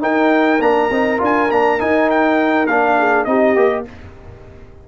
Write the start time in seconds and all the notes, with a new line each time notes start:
0.00 D#4 A#4 G5
0.60 A#3 D4 A#5
0.90 C4 D#4
1.18 D4 F4
1.24 G#5
1.50 A#3 D4 A#5
1.78 D#4 G#5
2.10 G5
2.66 A#3 D4 F5
2.98 G#4
3.24 C4 D#4 G4 D#5
3.55 A#3 G4